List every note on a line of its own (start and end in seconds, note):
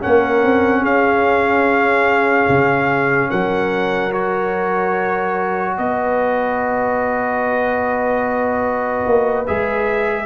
0.00 0.43 A#3
0.00 4.11 C#4
0.00 0.81 A#4
0.00 0.84 F#5
0.43 0.81 C4
0.81 2.46 C#4
0.81 3.28 G#4
0.81 3.30 F5
2.48 3.30 C#3
3.29 5.78 F#3
3.29 5.76 A#4
3.29 4.12 F#5
4.11 9.45 F#4
4.11 5.77 C#5
5.77 9.06 B3
5.77 10.25 B4
5.77 9.46 D#5
9.06 9.47 A#3
9.46 10.25 G#3
9.46 10.25 G#4
9.46 10.25 E5